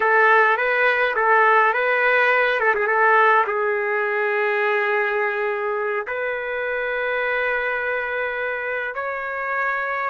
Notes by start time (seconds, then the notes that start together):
0.00 A4
0.57 B4
1.16 A4
1.73 B4
2.60 A4
2.74 G#4
2.87 A4
3.46 G#4
6.07 B4
8.94 C#5